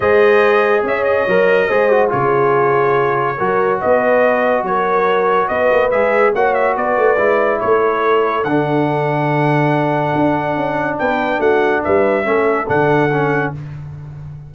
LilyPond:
<<
  \new Staff \with { instrumentName = "trumpet" } { \time 4/4 \tempo 4 = 142 dis''2 e''8 dis''4.~ | dis''4 cis''2.~ | cis''4 dis''2 cis''4~ | cis''4 dis''4 e''4 fis''8 e''8 |
d''2 cis''2 | fis''1~ | fis''2 g''4 fis''4 | e''2 fis''2 | }
  \new Staff \with { instrumentName = "horn" } { \time 4/4 c''2 cis''2 | c''4 gis'2. | ais'4 b'2 ais'4~ | ais'4 b'2 cis''4 |
b'2 a'2~ | a'1~ | a'2 b'4 fis'4 | b'4 a'2. | }
  \new Staff \with { instrumentName = "trombone" } { \time 4/4 gis'2. ais'4 | gis'8 fis'8 f'2. | fis'1~ | fis'2 gis'4 fis'4~ |
fis'4 e'2. | d'1~ | d'1~ | d'4 cis'4 d'4 cis'4 | }
  \new Staff \with { instrumentName = "tuba" } { \time 4/4 gis2 cis'4 fis4 | gis4 cis2. | fis4 b2 fis4~ | fis4 b8 ais8 gis4 ais4 |
b8 a8 gis4 a2 | d1 | d'4 cis'4 b4 a4 | g4 a4 d2 | }
>>